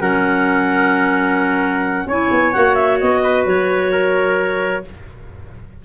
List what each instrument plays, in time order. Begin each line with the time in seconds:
0.00 tuba F#3, clarinet C#4 F#5, trumpet A#4
2.06 tuba C#4, clarinet E4 G#5, trumpet C#5
2.31 tuba B3
2.52 tuba A#3, clarinet F#4 F#5
2.75 clarinet E5
3.00 tuba B3, clarinet D#5
3.22 trumpet B4
3.45 tuba F#3, clarinet C#5
3.92 trumpet A#4